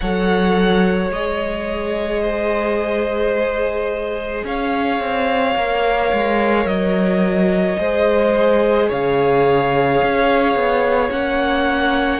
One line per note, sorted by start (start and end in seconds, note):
0.00 1.09 F#3
0.00 1.13 A4
0.00 2.22 C#5
0.00 1.10 F#5
1.09 4.43 G#3
1.09 5.57 G#4
1.09 4.45 D#5
2.22 4.44 C5
4.44 4.99 C#4
4.44 7.79 C#5
4.44 6.67 F5
4.99 5.55 C4
5.55 6.11 A#3
5.55 7.78 A#4
6.13 6.65 G#3
6.65 7.76 F#3
6.65 8.89 D#5
7.78 8.89 G#3
7.78 11.10 G#4
7.78 8.88 C5
8.88 10.02 C#3
8.88 12.20 C#5
8.88 11.11 F5
10.03 10.55 C#4
10.55 11.10 B3
11.10 12.20 A#3
11.10 12.20 C#4
11.10 12.20 F#5